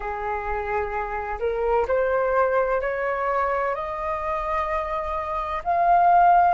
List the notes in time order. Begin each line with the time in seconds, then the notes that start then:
0.00 G#4
1.39 A#4
1.87 C5
2.81 C#5
3.75 D#5
5.64 F5